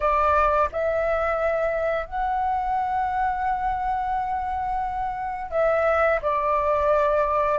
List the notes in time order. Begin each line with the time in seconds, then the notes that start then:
0.00 D5
0.71 E5
2.06 F#5
5.50 E5
6.21 D5